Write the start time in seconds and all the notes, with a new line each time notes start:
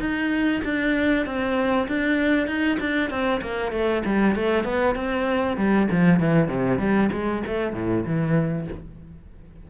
0.00 D#4
0.64 D4
1.26 C4
1.88 D4
2.47 D#4
2.80 D4
3.10 C4
3.42 A#3
3.72 A3
4.06 G3
4.36 A3
4.65 B3
4.96 C4
5.57 G3
5.91 F3
6.20 E3
6.48 C3
6.79 G3
7.12 G#3
7.47 A3
7.74 A2
8.06 E3